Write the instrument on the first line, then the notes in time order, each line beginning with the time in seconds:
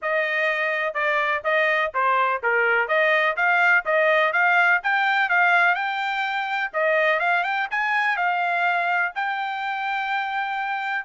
trumpet
0.02 D#5
0.94 D5
1.44 D#5
1.94 C5
2.42 A#4
2.88 D#5
3.36 F5
3.85 D#5
4.32 F5
4.83 G5
5.29 F5
5.74 G5
6.73 D#5
7.19 F5
7.43 G5
7.70 G#5
8.16 F5
9.15 G5